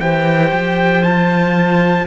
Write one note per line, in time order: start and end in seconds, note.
0.00 0.52 E3
0.00 1.03 G4
0.00 2.07 C5
0.00 1.03 G5
0.53 2.07 F3
1.03 2.07 F4
1.03 2.07 A5